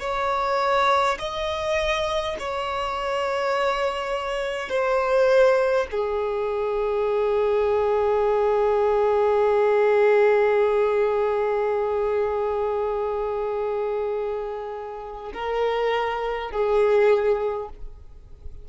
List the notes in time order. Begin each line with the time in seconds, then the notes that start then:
0.00 C#5
1.19 D#5
2.39 C#5
4.69 C5
5.91 G#4
15.34 A#4
16.51 G#4